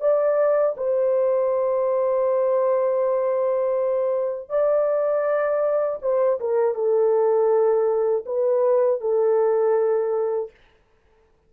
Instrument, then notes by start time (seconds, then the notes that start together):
horn
0.00 D5
0.77 C5
4.49 D5
6.01 C5
6.40 A#4
6.74 A4
8.26 B4
9.00 A4